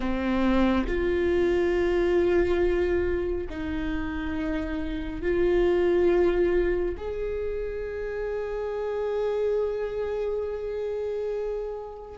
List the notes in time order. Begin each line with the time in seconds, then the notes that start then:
0.00 C4
0.87 F4
3.49 D#4
5.21 F4
6.97 G#4